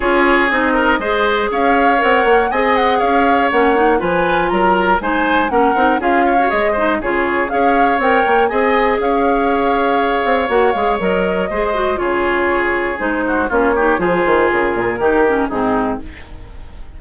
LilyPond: <<
  \new Staff \with { instrumentName = "flute" } { \time 4/4 \tempo 4 = 120 cis''4 dis''2 f''4 | fis''4 gis''8 fis''8 f''4 fis''4 | gis''4 ais''4 gis''4 fis''4 | f''4 dis''4 cis''4 f''4 |
g''4 gis''4 f''2~ | f''4 fis''8 f''8 dis''2 | cis''2 c''4 cis''4 | c''4 ais'2 gis'4 | }
  \new Staff \with { instrumentName = "oboe" } { \time 4/4 gis'4. ais'8 c''4 cis''4~ | cis''4 dis''4 cis''2 | b'4 ais'4 c''4 ais'4 | gis'8 cis''4 c''8 gis'4 cis''4~ |
cis''4 dis''4 cis''2~ | cis''2. c''4 | gis'2~ gis'8 fis'8 f'8 g'8 | gis'2 g'4 dis'4 | }
  \new Staff \with { instrumentName = "clarinet" } { \time 4/4 f'4 dis'4 gis'2 | ais'4 gis'2 cis'8 dis'8 | f'2 dis'4 cis'8 dis'8 | f'8. fis'16 gis'8 dis'8 f'4 gis'4 |
ais'4 gis'2.~ | gis'4 fis'8 gis'8 ais'4 gis'8 fis'8 | f'2 dis'4 cis'8 dis'8 | f'2 dis'8 cis'8 c'4 | }
  \new Staff \with { instrumentName = "bassoon" } { \time 4/4 cis'4 c'4 gis4 cis'4 | c'8 ais8 c'4 cis'4 ais4 | f4 fis4 gis4 ais8 c'8 | cis'4 gis4 cis4 cis'4 |
c'8 ais8 c'4 cis'2~ | cis'8 c'8 ais8 gis8 fis4 gis4 | cis2 gis4 ais4 | f8 dis8 cis8 ais,8 dis4 gis,4 | }
>>